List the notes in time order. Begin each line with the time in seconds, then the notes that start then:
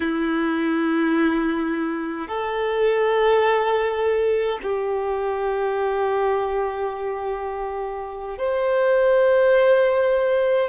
0.00 E4
2.28 A4
4.63 G4
8.38 C5